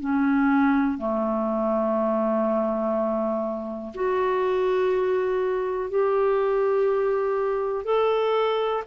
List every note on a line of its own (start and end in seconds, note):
0.00 0.97 C#4
0.97 3.93 A3
3.94 5.90 F#4
5.90 7.85 G4
7.85 8.83 A4